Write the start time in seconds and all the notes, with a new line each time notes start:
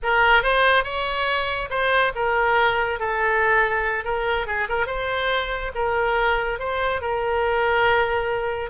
0.02 A#4
0.42 C5
0.84 C#5
1.70 C5
2.15 A#4
2.99 A4
4.04 A#4
4.46 G#4
4.68 A#4
4.86 C5
5.74 A#4
6.59 C5
7.01 A#4